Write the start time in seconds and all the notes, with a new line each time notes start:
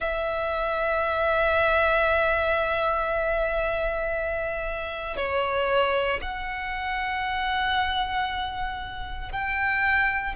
0.00 E5
5.16 C#5
6.21 F#5
9.32 G5